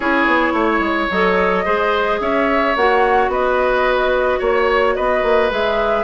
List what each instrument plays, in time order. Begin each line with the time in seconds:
0.00 bassoon C#4, clarinet E4, oboe G#4, flute C#5
0.26 bassoon B3
0.53 bassoon A3, oboe C#5
0.79 bassoon G#3
1.10 bassoon F#3, clarinet A4, flute D#5
1.64 bassoon G#3, clarinet G#4, oboe C5
2.20 bassoon C#4, oboe C#5, flute E5
2.75 bassoon A#3, clarinet F#4, flute F#5
3.28 bassoon B3, oboe B4, flute D#5
4.39 bassoon A#3, oboe C#5, flute C#5
4.95 bassoon B3, oboe B4, flute D#5
5.22 bassoon A#3
5.50 bassoon G#3, clarinet G#4, flute E5